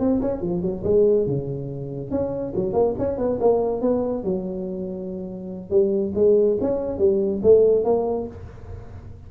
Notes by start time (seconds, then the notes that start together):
0.00 C4
0.22 C#4
0.42 F3
0.62 F#3
0.84 G#3
1.27 C#3
2.11 C#4
2.56 F#3
2.74 A#3
2.99 C#4
3.18 B3
3.41 A#3
3.82 B3
4.24 F#3
5.71 G3
6.15 G#3
6.62 C#4
6.99 G3
7.43 A3
7.85 A#3